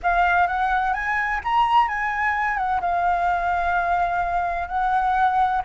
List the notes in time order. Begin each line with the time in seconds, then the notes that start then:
0.02 F5
0.47 F#5
0.93 G#5
1.44 A#5
1.88 G#5
2.57 F#5
2.80 F5
4.68 F#5